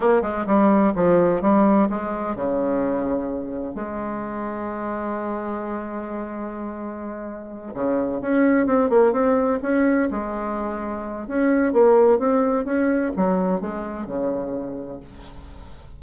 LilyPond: \new Staff \with { instrumentName = "bassoon" } { \time 4/4 \tempo 4 = 128 ais8 gis8 g4 f4 g4 | gis4 cis2. | gis1~ | gis1~ |
gis8 cis4 cis'4 c'8 ais8 c'8~ | c'8 cis'4 gis2~ gis8 | cis'4 ais4 c'4 cis'4 | fis4 gis4 cis2 | }